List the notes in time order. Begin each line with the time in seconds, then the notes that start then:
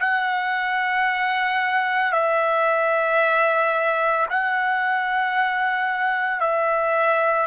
0.00 F#5
2.12 E5
4.30 F#5
6.41 E5